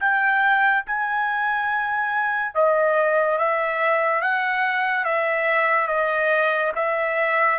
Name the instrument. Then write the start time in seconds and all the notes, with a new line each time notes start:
trumpet
0.00 G5
0.86 G#5
2.55 D#5
3.38 E5
4.21 F#5
5.05 E5
5.88 D#5
6.76 E5